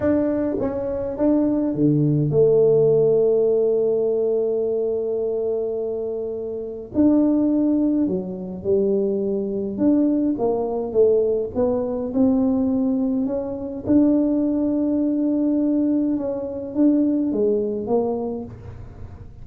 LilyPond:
\new Staff \with { instrumentName = "tuba" } { \time 4/4 \tempo 4 = 104 d'4 cis'4 d'4 d4 | a1~ | a1 | d'2 fis4 g4~ |
g4 d'4 ais4 a4 | b4 c'2 cis'4 | d'1 | cis'4 d'4 gis4 ais4 | }